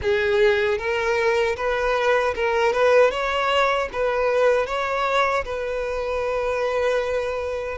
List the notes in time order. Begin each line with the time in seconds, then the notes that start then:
0.02 G#4
0.78 A#4
1.56 B4
2.35 A#4
2.73 B4
3.10 C#5
3.92 B4
4.66 C#5
5.44 B4